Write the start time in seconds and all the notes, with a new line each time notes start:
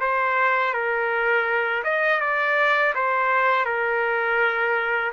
0.00 C5
0.73 A#4
1.84 D#5
2.20 D5
2.94 C5
3.65 A#4